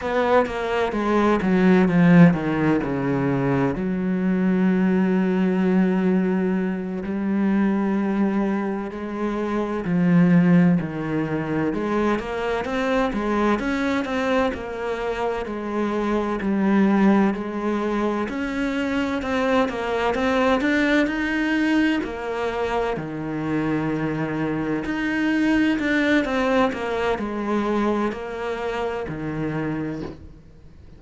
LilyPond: \new Staff \with { instrumentName = "cello" } { \time 4/4 \tempo 4 = 64 b8 ais8 gis8 fis8 f8 dis8 cis4 | fis2.~ fis8 g8~ | g4. gis4 f4 dis8~ | dis8 gis8 ais8 c'8 gis8 cis'8 c'8 ais8~ |
ais8 gis4 g4 gis4 cis'8~ | cis'8 c'8 ais8 c'8 d'8 dis'4 ais8~ | ais8 dis2 dis'4 d'8 | c'8 ais8 gis4 ais4 dis4 | }